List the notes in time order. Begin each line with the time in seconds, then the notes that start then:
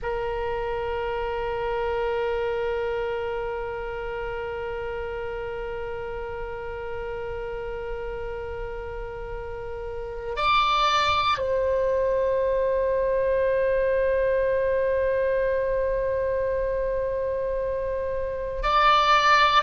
0.02 A#4
10.35 D5
11.38 C5
18.63 D5